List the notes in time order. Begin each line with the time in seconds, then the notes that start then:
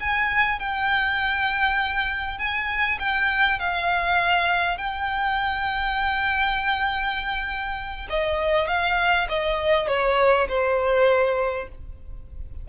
0.00 G#5
0.59 G5
2.38 G#5
2.99 G5
3.59 F5
4.78 G5
8.09 D#5
8.68 F5
9.29 D#5
9.88 C#5
10.48 C5